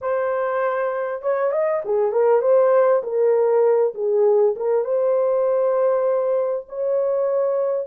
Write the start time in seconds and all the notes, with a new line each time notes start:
0.01 C5
1.22 C#5
1.52 D#5
1.85 G#4
2.12 A#4
2.41 C5
3.03 A#4
3.94 G#4
4.56 A#4
4.84 C5
6.69 C#5